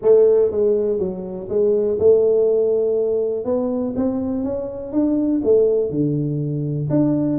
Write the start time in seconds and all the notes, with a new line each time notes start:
0.02 A3
0.51 G#3
0.98 F#3
1.49 G#3
1.99 A3
3.44 B3
3.96 C4
4.44 C#4
4.92 D4
5.43 A3
5.90 D3
6.90 D4